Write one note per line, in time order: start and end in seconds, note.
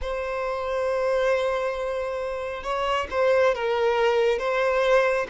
0.01 2.63 C5
2.63 3.07 C#5
3.10 3.54 C5
3.54 4.38 A#4
4.38 5.27 C5